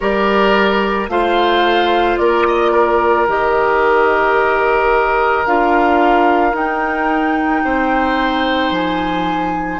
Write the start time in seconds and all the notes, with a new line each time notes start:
0.00 G3 G4 A#4 D5
1.07 A3 F4 C5 F5
2.17 A#3 A#4 D5
2.47 D#5
2.71 A#4
3.27 D#3 G4 D#5
5.46 D4 F4 F5
6.52 D#4 G5
7.64 C4 C5
8.71 F3 G#5